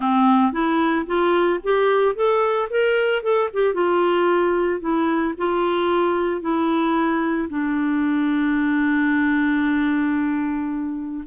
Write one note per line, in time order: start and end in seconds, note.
0.00 0.52 C4
0.52 1.06 E4
1.06 1.59 F4
1.63 2.15 G4
2.15 2.69 A4
2.69 3.22 A#4
3.22 3.49 A4
3.53 3.74 G4
3.74 4.80 F4
4.80 5.34 E4
5.37 6.41 F4
6.41 7.48 E4
7.49 11.24 D4